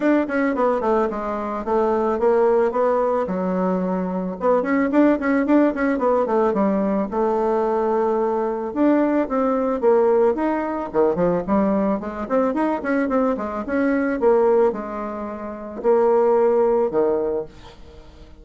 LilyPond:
\new Staff \with { instrumentName = "bassoon" } { \time 4/4 \tempo 4 = 110 d'8 cis'8 b8 a8 gis4 a4 | ais4 b4 fis2 | b8 cis'8 d'8 cis'8 d'8 cis'8 b8 a8 | g4 a2. |
d'4 c'4 ais4 dis'4 | dis8 f8 g4 gis8 c'8 dis'8 cis'8 | c'8 gis8 cis'4 ais4 gis4~ | gis4 ais2 dis4 | }